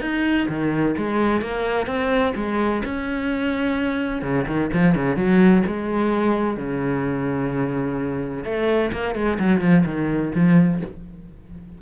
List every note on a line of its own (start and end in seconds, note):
0.00 0.47 D#4
0.48 0.95 D#3
0.97 1.41 G#3
1.41 1.86 A#3
1.86 2.33 C4
2.35 2.82 G#3
2.84 4.22 C#4
4.22 4.45 C#3
4.47 4.70 D#3
4.73 4.95 F3
4.95 5.16 C#3
5.16 5.63 F#3
5.66 6.56 G#3
6.56 8.44 C#3
8.44 8.91 A3
8.92 9.14 A#3
9.14 9.38 G#3
9.38 9.61 F#3
9.61 9.84 F3
9.85 10.32 D#3
10.34 10.81 F3